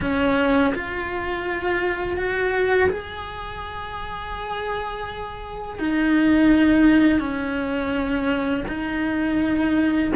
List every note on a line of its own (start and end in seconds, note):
0.00 0.73 C#4
0.74 2.17 F4
2.17 2.89 F#4
2.89 5.79 G#4
5.79 7.19 D#4
7.19 8.64 C#4
8.67 10.12 D#4